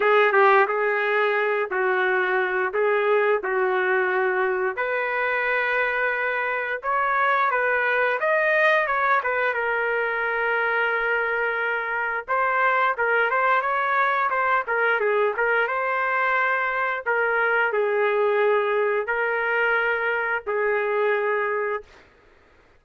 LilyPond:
\new Staff \with { instrumentName = "trumpet" } { \time 4/4 \tempo 4 = 88 gis'8 g'8 gis'4. fis'4. | gis'4 fis'2 b'4~ | b'2 cis''4 b'4 | dis''4 cis''8 b'8 ais'2~ |
ais'2 c''4 ais'8 c''8 | cis''4 c''8 ais'8 gis'8 ais'8 c''4~ | c''4 ais'4 gis'2 | ais'2 gis'2 | }